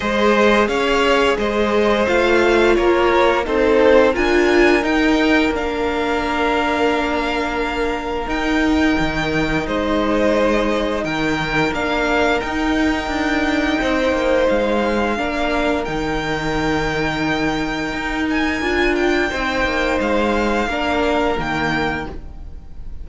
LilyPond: <<
  \new Staff \with { instrumentName = "violin" } { \time 4/4 \tempo 4 = 87 dis''4 f''4 dis''4 f''4 | cis''4 c''4 gis''4 g''4 | f''1 | g''2 dis''2 |
g''4 f''4 g''2~ | g''4 f''2 g''4~ | g''2~ g''8 gis''4 g''8~ | g''4 f''2 g''4 | }
  \new Staff \with { instrumentName = "violin" } { \time 4/4 c''4 cis''4 c''2 | ais'4 a'4 ais'2~ | ais'1~ | ais'2 c''2 |
ais'1 | c''2 ais'2~ | ais'1 | c''2 ais'2 | }
  \new Staff \with { instrumentName = "viola" } { \time 4/4 gis'2. f'4~ | f'4 dis'4 f'4 dis'4 | d'1 | dis'1~ |
dis'4 d'4 dis'2~ | dis'2 d'4 dis'4~ | dis'2. f'4 | dis'2 d'4 ais4 | }
  \new Staff \with { instrumentName = "cello" } { \time 4/4 gis4 cis'4 gis4 a4 | ais4 c'4 d'4 dis'4 | ais1 | dis'4 dis4 gis2 |
dis4 ais4 dis'4 d'4 | c'8 ais8 gis4 ais4 dis4~ | dis2 dis'4 d'4 | c'8 ais8 gis4 ais4 dis4 | }
>>